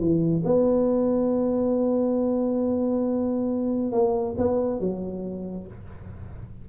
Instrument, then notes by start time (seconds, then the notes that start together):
tuba
0.00 E3
0.45 B3
3.93 A#3
4.38 B3
4.80 F#3